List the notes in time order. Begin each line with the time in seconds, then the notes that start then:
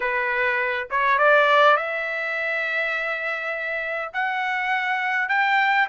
0.00 B4
0.90 C#5
1.18 D5
1.76 E5
4.13 F#5
5.28 G5